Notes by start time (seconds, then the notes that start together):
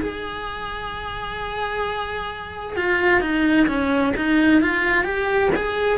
0.00 G#4
2.76 F4
3.21 D#4
3.68 C#4
4.17 D#4
4.61 F4
5.04 G4
5.56 G#4